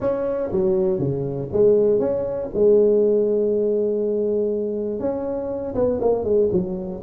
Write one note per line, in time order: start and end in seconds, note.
0.00 0.50 C#4
0.52 0.98 F#3
0.98 1.48 C#3
1.52 1.99 G#3
1.99 2.49 C#4
2.54 4.99 G#3
4.99 5.74 C#4
5.74 5.99 B3
6.00 6.24 A#3
6.24 6.49 G#3
6.52 7.02 F#3